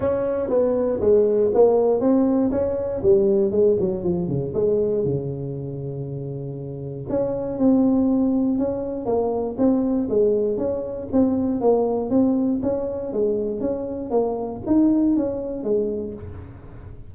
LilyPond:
\new Staff \with { instrumentName = "tuba" } { \time 4/4 \tempo 4 = 119 cis'4 b4 gis4 ais4 | c'4 cis'4 g4 gis8 fis8 | f8 cis8 gis4 cis2~ | cis2 cis'4 c'4~ |
c'4 cis'4 ais4 c'4 | gis4 cis'4 c'4 ais4 | c'4 cis'4 gis4 cis'4 | ais4 dis'4 cis'4 gis4 | }